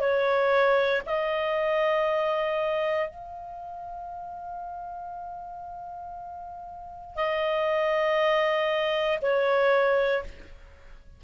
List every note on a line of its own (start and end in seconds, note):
0.00 1.02 C#5
1.06 3.09 D#5
3.09 7.15 F5
7.15 9.18 D#5
9.22 10.23 C#5